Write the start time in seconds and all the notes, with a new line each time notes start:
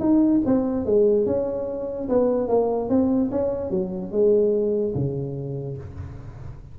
0.00 D#4
0.46 C4
0.86 G#3
1.26 C#4
2.09 B3
2.48 A#3
2.90 C4
3.31 C#4
3.71 F#3
4.12 G#3
4.95 C#3